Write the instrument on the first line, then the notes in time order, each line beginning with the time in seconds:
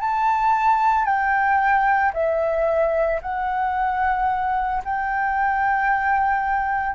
flute
0.00 A5
1.05 G5
2.14 E5
3.22 F#5
4.85 G5